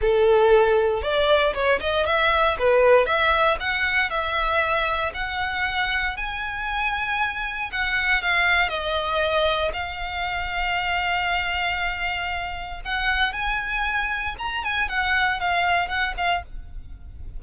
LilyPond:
\new Staff \with { instrumentName = "violin" } { \time 4/4 \tempo 4 = 117 a'2 d''4 cis''8 dis''8 | e''4 b'4 e''4 fis''4 | e''2 fis''2 | gis''2. fis''4 |
f''4 dis''2 f''4~ | f''1~ | f''4 fis''4 gis''2 | ais''8 gis''8 fis''4 f''4 fis''8 f''8 | }